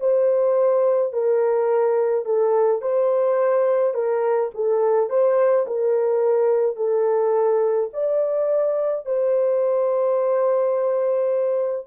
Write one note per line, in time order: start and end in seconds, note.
0.00 1.13 C5
1.13 2.25 A#4
2.25 2.81 A4
2.81 3.94 C5
3.94 4.51 A#4
4.55 5.09 A4
5.09 5.66 C5
5.67 6.76 A#4
6.76 7.89 A4
7.93 9.06 D5
9.06 11.87 C5